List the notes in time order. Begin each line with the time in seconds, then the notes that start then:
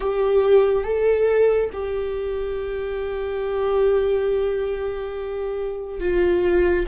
0.00 G4
0.84 A4
1.73 G4
6.00 F4